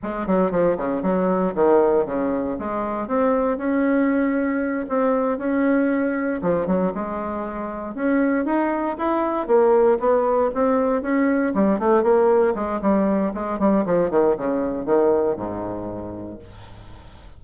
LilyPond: \new Staff \with { instrumentName = "bassoon" } { \time 4/4 \tempo 4 = 117 gis8 fis8 f8 cis8 fis4 dis4 | cis4 gis4 c'4 cis'4~ | cis'4. c'4 cis'4.~ | cis'8 f8 fis8 gis2 cis'8~ |
cis'8 dis'4 e'4 ais4 b8~ | b8 c'4 cis'4 g8 a8 ais8~ | ais8 gis8 g4 gis8 g8 f8 dis8 | cis4 dis4 gis,2 | }